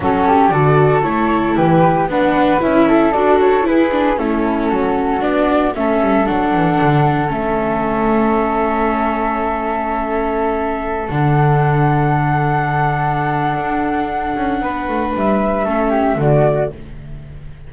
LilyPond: <<
  \new Staff \with { instrumentName = "flute" } { \time 4/4 \tempo 4 = 115 a'4 d''4 cis''4 b'4 | fis''4 e''4 d''8 cis''8 b'4 | a'2 d''4 e''4 | fis''2 e''2~ |
e''1~ | e''4~ e''16 fis''2~ fis''8.~ | fis''1~ | fis''4 e''2 d''4 | }
  \new Staff \with { instrumentName = "flute" } { \time 4/4 fis'8 g'8 a'2 g'4 | b'4. a'4. gis'4 | e'4 fis'2 a'4~ | a'1~ |
a'1~ | a'1~ | a'1 | b'2 a'8 g'8 fis'4 | }
  \new Staff \with { instrumentName = "viola" } { \time 4/4 cis'4 fis'4 e'2 | d'4 e'4 fis'4 e'8 d'8 | cis'2 d'4 cis'4 | d'2 cis'2~ |
cis'1~ | cis'4~ cis'16 d'2~ d'8.~ | d'1~ | d'2 cis'4 a4 | }
  \new Staff \with { instrumentName = "double bass" } { \time 4/4 fis4 d4 a4 e4 | b4 cis'4 d'4 e'4 | a4 fis4 b4 a8 g8 | fis8 e8 d4 a2~ |
a1~ | a4~ a16 d2~ d8.~ | d2 d'4. cis'8 | b8 a8 g4 a4 d4 | }
>>